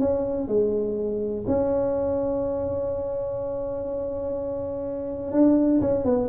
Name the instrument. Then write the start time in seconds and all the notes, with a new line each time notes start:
tuba
0.00 C#4
0.48 G#3
1.47 C#4
5.32 D4
5.81 C#4
6.05 B3